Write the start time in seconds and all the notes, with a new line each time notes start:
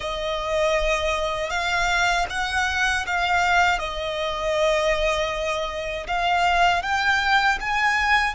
0.00 D#5
1.49 F5
2.29 F#5
3.06 F5
3.78 D#5
6.07 F5
6.82 G5
7.60 G#5